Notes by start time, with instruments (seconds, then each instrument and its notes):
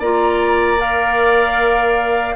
0.00 bassoon A#3, clarinet F4, oboe D5, flute A#5
0.78 clarinet A#4, flute F5